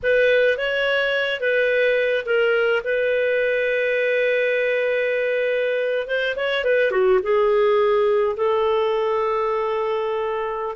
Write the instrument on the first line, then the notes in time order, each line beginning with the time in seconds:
clarinet
0.03 B4
0.57 C#5
1.40 B4
2.25 A#4
2.84 B4
6.07 C5
6.36 C#5
6.64 B4
6.91 F#4
7.22 G#4
8.36 A4